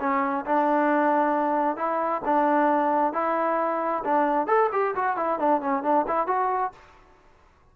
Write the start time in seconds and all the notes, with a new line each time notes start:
0.00 C#4
0.46 D4
1.77 E4
2.25 D4
3.13 E4
4.05 D4
4.47 A4
4.72 G4
4.96 F#4
5.17 E4
5.39 D4
5.61 C#4
5.83 D4
6.08 E4
6.27 F#4